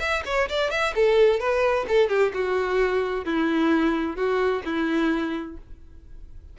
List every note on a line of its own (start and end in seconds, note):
0.00 0.23 E5
0.26 0.49 C#5
0.49 0.71 D5
0.71 0.94 E5
0.95 1.40 A4
1.40 1.86 B4
1.89 2.09 A4
2.09 2.32 G4
2.34 3.25 F#4
3.25 4.16 E4
4.16 4.63 F#4
4.65 5.58 E4